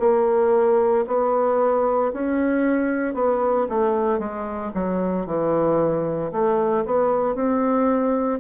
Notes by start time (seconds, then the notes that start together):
0.00 A#3
1.07 B3
2.13 C#4
3.15 B3
3.69 A3
4.19 G#3
4.75 F#3
5.27 E3
6.33 A3
6.86 B3
7.35 C4